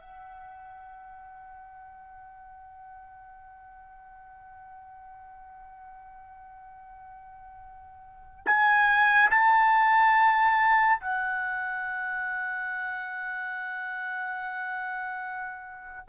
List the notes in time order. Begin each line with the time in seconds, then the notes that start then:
0.00 F#5
8.46 G#5
9.31 A5
11.00 F#5